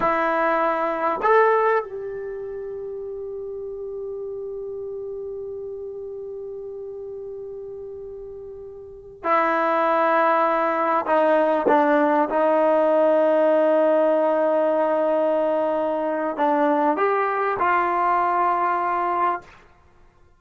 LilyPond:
\new Staff \with { instrumentName = "trombone" } { \time 4/4 \tempo 4 = 99 e'2 a'4 g'4~ | g'1~ | g'1~ | g'2.~ g'16 e'8.~ |
e'2~ e'16 dis'4 d'8.~ | d'16 dis'2.~ dis'8.~ | dis'2. d'4 | g'4 f'2. | }